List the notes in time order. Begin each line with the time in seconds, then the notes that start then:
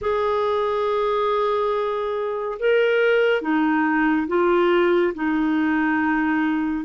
0.01 G#4
2.59 A#4
3.41 D#4
4.27 F4
5.14 D#4